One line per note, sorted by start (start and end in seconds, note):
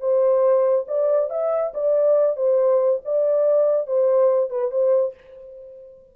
0.00 0.86 C5
0.88 1.30 D5
1.30 1.73 E5
1.74 2.36 D5
2.36 3.01 C5
3.05 3.87 D5
3.87 4.50 C5
4.50 4.71 B4
4.71 5.14 C5